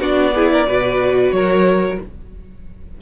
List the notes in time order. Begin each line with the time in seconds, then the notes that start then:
0.00 B3 D4 F#4 D5
0.35 E4 G#4
0.52 A#4
0.68 B2 F#4 B4
1.32 F#3 A#4 C#5